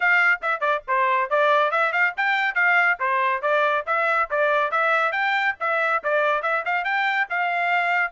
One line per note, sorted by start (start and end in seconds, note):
0.00 0.40 F5
0.42 0.60 E5
0.60 0.81 D5
0.87 1.30 C5
1.30 1.71 D5
1.71 1.92 E5
1.92 2.13 F5
2.16 2.55 G5
2.55 2.97 F5
2.99 3.41 C5
3.41 3.84 D5
3.86 4.29 E5
4.30 4.71 D5
4.71 5.12 E5
5.12 5.55 G5
5.60 6.03 E5
6.03 6.42 D5
6.42 6.64 E5
6.65 6.84 F5
6.84 7.27 G5
7.29 8.11 F5